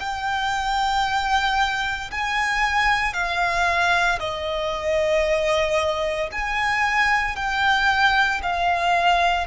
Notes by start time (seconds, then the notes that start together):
0.00 G5
2.11 G#5
3.13 F5
4.20 D#5
6.32 G#5
7.36 G5
8.43 F5